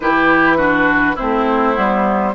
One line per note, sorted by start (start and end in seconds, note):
0.00 1.17 E3
0.00 0.57 E4
0.00 0.57 G4
0.00 1.16 B4
0.57 1.16 D4
0.57 1.15 F#4
1.15 1.77 A3
1.15 1.74 C4
1.15 2.33 E4
1.15 2.34 C5
1.74 2.34 G3
1.74 2.33 B3